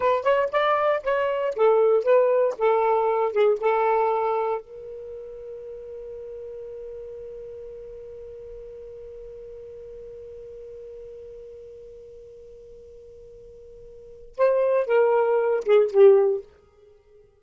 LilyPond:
\new Staff \with { instrumentName = "saxophone" } { \time 4/4 \tempo 4 = 117 b'8 cis''8 d''4 cis''4 a'4 | b'4 a'4. gis'8 a'4~ | a'4 ais'2.~ | ais'1~ |
ais'1~ | ais'1~ | ais'1 | c''4 ais'4. gis'8 g'4 | }